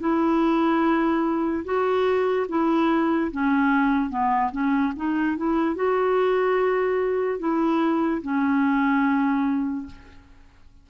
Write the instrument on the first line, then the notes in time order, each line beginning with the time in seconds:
clarinet
0.00 E4
1.65 F#4
2.49 E4
3.32 C#4
4.10 B3
4.52 C#4
4.97 D#4
5.37 E4
5.76 F#4
7.39 E4
8.22 C#4